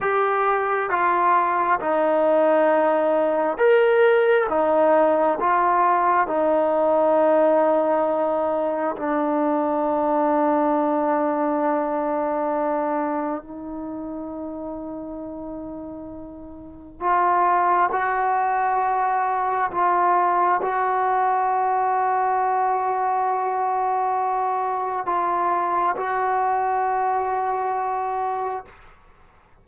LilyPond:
\new Staff \with { instrumentName = "trombone" } { \time 4/4 \tempo 4 = 67 g'4 f'4 dis'2 | ais'4 dis'4 f'4 dis'4~ | dis'2 d'2~ | d'2. dis'4~ |
dis'2. f'4 | fis'2 f'4 fis'4~ | fis'1 | f'4 fis'2. | }